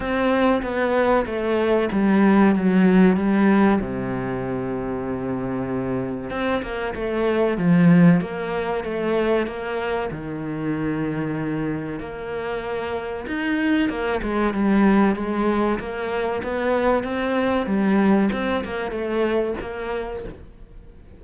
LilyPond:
\new Staff \with { instrumentName = "cello" } { \time 4/4 \tempo 4 = 95 c'4 b4 a4 g4 | fis4 g4 c2~ | c2 c'8 ais8 a4 | f4 ais4 a4 ais4 |
dis2. ais4~ | ais4 dis'4 ais8 gis8 g4 | gis4 ais4 b4 c'4 | g4 c'8 ais8 a4 ais4 | }